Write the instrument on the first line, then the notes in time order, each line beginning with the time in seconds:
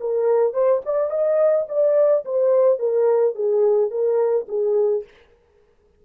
horn
0.00 A#4
0.53 C5
0.85 D5
1.10 D#5
1.68 D5
2.25 C5
2.79 A#4
3.35 G#4
3.90 A#4
4.48 G#4